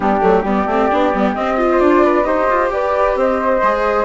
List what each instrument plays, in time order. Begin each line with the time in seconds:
0.00 bassoon G3, viola B3, flute D4 G4
0.21 bassoon F#3, viola A3
0.41 bassoon G3, viola B3, flute G4
0.48 flute D5
0.66 bassoon A3, viola C4
0.91 bassoon B3, viola D4
1.13 bassoon G3, viola B3
1.34 bassoon C4, viola C4, flute D#5
1.56 viola F4
1.71 flute C5
1.79 bassoon D4, flute D5
2.04 flute B4
2.23 bassoon D#4, viola G4, flute C5 D#5
2.48 bassoon F4
2.69 bassoon G4, flute B4 D5
3.15 bassoon C4, flute C5 D#5
3.62 bassoon G#3, viola G#4